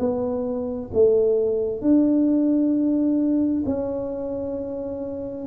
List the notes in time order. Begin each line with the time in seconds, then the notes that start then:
0.00 B3
0.94 A3
1.82 D4
3.66 C#4